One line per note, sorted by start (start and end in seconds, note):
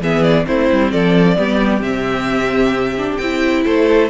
0.00 0.45 E3
0.00 0.46 B3
0.00 0.46 G#4
0.00 0.23 E5
0.23 0.45 D5
0.46 0.70 A3
0.46 1.36 C4
0.46 0.92 E4
0.46 0.91 C5
0.71 0.92 G3
0.91 1.38 F3
0.91 1.37 A4
0.91 1.82 D5
1.36 1.81 G3
1.36 1.82 B3
1.36 3.64 G4
1.81 3.17 C3
1.81 2.95 C4
1.81 3.17 E5
2.97 3.20 D4
3.17 3.65 C4
3.17 4.10 E4
3.17 3.62 G5
3.64 4.10 A3
3.64 4.09 A4
3.64 4.10 C5